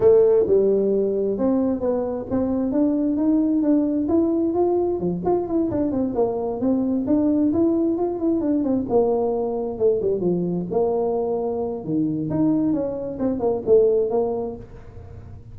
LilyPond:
\new Staff \with { instrumentName = "tuba" } { \time 4/4 \tempo 4 = 132 a4 g2 c'4 | b4 c'4 d'4 dis'4 | d'4 e'4 f'4 f8 f'8 | e'8 d'8 c'8 ais4 c'4 d'8~ |
d'8 e'4 f'8 e'8 d'8 c'8 ais8~ | ais4. a8 g8 f4 ais8~ | ais2 dis4 dis'4 | cis'4 c'8 ais8 a4 ais4 | }